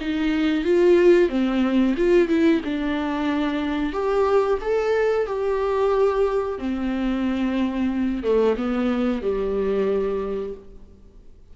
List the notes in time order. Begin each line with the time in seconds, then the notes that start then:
0.00 D#4
0.64 F4
1.29 C4
1.97 F4
2.28 E4
2.64 D4
3.92 G4
4.61 A4
5.26 G4
6.58 C4
8.23 A3
8.56 B3
9.22 G3